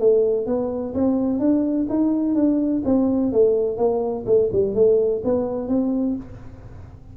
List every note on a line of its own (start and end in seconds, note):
0.00 0.47 A3
0.47 0.94 B3
0.95 1.40 C4
1.40 1.88 D4
1.90 2.35 D#4
2.35 2.83 D4
2.85 3.33 C4
3.33 3.78 A3
3.78 4.26 A#3
4.27 4.50 A3
4.53 4.75 G3
4.75 5.23 A3
5.25 5.69 B3
5.69 6.16 C4